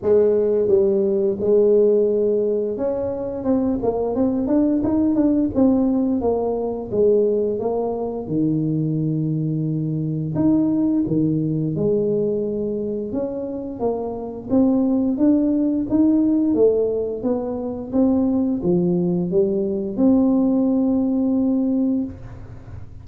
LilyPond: \new Staff \with { instrumentName = "tuba" } { \time 4/4 \tempo 4 = 87 gis4 g4 gis2 | cis'4 c'8 ais8 c'8 d'8 dis'8 d'8 | c'4 ais4 gis4 ais4 | dis2. dis'4 |
dis4 gis2 cis'4 | ais4 c'4 d'4 dis'4 | a4 b4 c'4 f4 | g4 c'2. | }